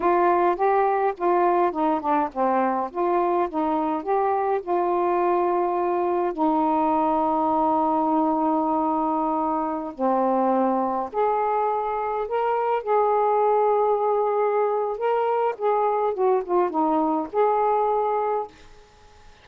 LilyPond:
\new Staff \with { instrumentName = "saxophone" } { \time 4/4 \tempo 4 = 104 f'4 g'4 f'4 dis'8 d'8 | c'4 f'4 dis'4 g'4 | f'2. dis'4~ | dis'1~ |
dis'4~ dis'16 c'2 gis'8.~ | gis'4~ gis'16 ais'4 gis'4.~ gis'16~ | gis'2 ais'4 gis'4 | fis'8 f'8 dis'4 gis'2 | }